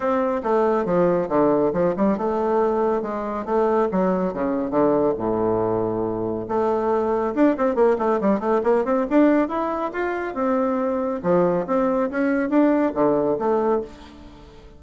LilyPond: \new Staff \with { instrumentName = "bassoon" } { \time 4/4 \tempo 4 = 139 c'4 a4 f4 d4 | f8 g8 a2 gis4 | a4 fis4 cis4 d4 | a,2. a4~ |
a4 d'8 c'8 ais8 a8 g8 a8 | ais8 c'8 d'4 e'4 f'4 | c'2 f4 c'4 | cis'4 d'4 d4 a4 | }